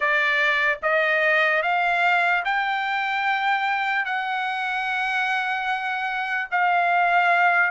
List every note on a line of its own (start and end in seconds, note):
0.00 0.79 D5
0.82 1.62 D#5
1.62 2.43 F5
2.44 4.05 G5
4.05 6.48 F#5
6.51 7.70 F5